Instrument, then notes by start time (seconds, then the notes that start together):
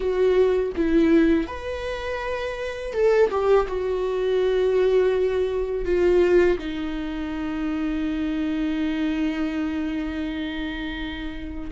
viola
0.00 F#4
0.75 E4
1.47 B4
2.93 A4
3.30 G4
3.67 F#4
5.85 F4
6.58 D#4